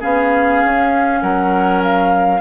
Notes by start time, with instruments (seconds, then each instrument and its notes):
0.00 bassoon B3, clarinet C#4, oboe G#4, flute F5
0.64 bassoon C#4
1.22 bassoon F#3, oboe A#4, flute F#5
1.83 flute F5